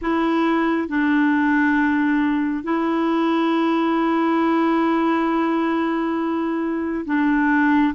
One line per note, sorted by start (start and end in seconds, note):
0.01 0.88 E4
0.88 2.63 D4
2.63 7.04 E4
7.05 7.93 D4